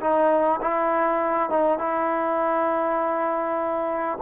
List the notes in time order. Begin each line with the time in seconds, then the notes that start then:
0.00 D#4
0.61 E4
1.50 D#4
1.79 E4